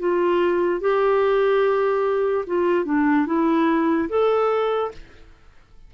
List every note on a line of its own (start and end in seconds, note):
0.00 0.81 F4
0.81 2.45 G4
2.47 2.86 F4
2.86 3.27 D4
3.27 4.09 E4
4.10 4.92 A4